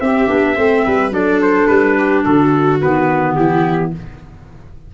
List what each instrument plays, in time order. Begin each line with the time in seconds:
0.00 tuba C4, clarinet C4, viola G4, trumpet E5
0.27 tuba B3, clarinet D4
0.55 tuba A3, clarinet C4, viola C5
0.85 tuba G3, viola B4
1.10 tuba F#3, clarinet D4, viola A4, trumpet D5
1.42 trumpet C5
1.67 tuba G3, trumpet B4
1.98 viola G4
2.24 tuba D3, viola F#4, trumpet A4
2.81 tuba D#3, clarinet B3, trumpet B4
3.35 tuba E3, viola E4, trumpet G4